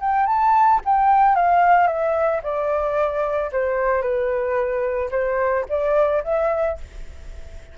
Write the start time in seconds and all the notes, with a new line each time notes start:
0.00 G5
0.26 A5
0.84 G5
1.35 F5
1.87 E5
2.43 D5
3.52 C5
4.01 B4
5.11 C5
5.69 D5
6.23 E5